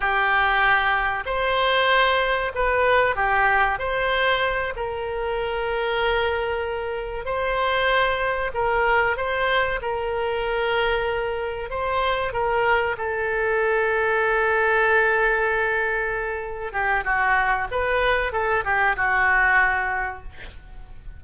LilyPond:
\new Staff \with { instrumentName = "oboe" } { \time 4/4 \tempo 4 = 95 g'2 c''2 | b'4 g'4 c''4. ais'8~ | ais'2.~ ais'8 c''8~ | c''4. ais'4 c''4 ais'8~ |
ais'2~ ais'8 c''4 ais'8~ | ais'8 a'2.~ a'8~ | a'2~ a'8 g'8 fis'4 | b'4 a'8 g'8 fis'2 | }